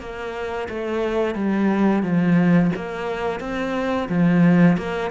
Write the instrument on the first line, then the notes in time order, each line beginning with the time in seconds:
cello
0.00 A#3
0.69 A3
1.35 G3
2.03 F3
2.76 A#3
3.40 C4
4.09 F3
4.77 A#3